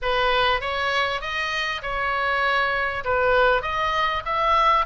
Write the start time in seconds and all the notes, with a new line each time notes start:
0.02 B4
0.60 C#5
1.21 D#5
1.82 C#5
3.04 B4
3.62 D#5
4.25 E5